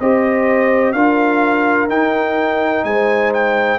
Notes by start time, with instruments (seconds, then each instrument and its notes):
0.00 tuba C4, trombone G4, horn C5, trumpet D#5
0.92 tuba D4, trombone F4, horn A#4, trumpet F5
1.88 tuba D#4, trombone D#4, trumpet G5
2.84 tuba G#3, horn C5, trumpet G#5
3.34 trumpet G5